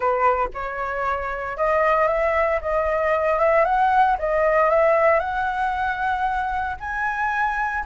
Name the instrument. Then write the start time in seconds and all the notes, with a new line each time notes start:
flute
0.00 B4
0.54 C#5
1.57 D#5
2.07 E5
2.61 D#5
3.39 E5
3.64 F#5
4.19 D#5
4.70 E5
5.19 F#5
6.79 G#5